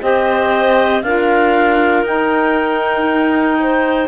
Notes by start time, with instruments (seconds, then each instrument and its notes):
0.00 cello C4, saxophone G4, clarinet C5 D#5
1.02 cello D4, saxophone F4, clarinet A#4 F5
2.03 cello D#4, saxophone D#4, clarinet G5
3.59 clarinet C5